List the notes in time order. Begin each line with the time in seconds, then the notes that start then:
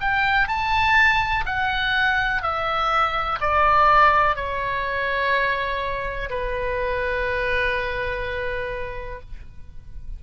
0.00 G5
0.48 A5
1.46 F#5
2.42 E5
3.40 D5
4.35 C#5
6.29 B4